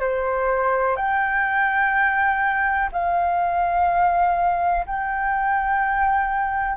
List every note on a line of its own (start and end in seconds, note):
0.00 0.96 C5
0.96 2.89 G5
2.92 4.86 F5
4.86 6.77 G5